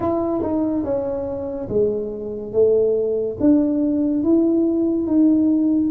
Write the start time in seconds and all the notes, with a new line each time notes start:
0.00 E4
0.42 D#4
0.84 C#4
1.68 G#3
2.52 A3
3.40 D4
4.23 E4
5.07 D#4